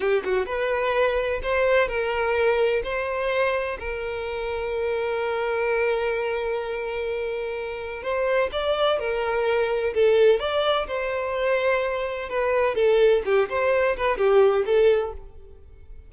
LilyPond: \new Staff \with { instrumentName = "violin" } { \time 4/4 \tempo 4 = 127 g'8 fis'8 b'2 c''4 | ais'2 c''2 | ais'1~ | ais'1~ |
ais'4 c''4 d''4 ais'4~ | ais'4 a'4 d''4 c''4~ | c''2 b'4 a'4 | g'8 c''4 b'8 g'4 a'4 | }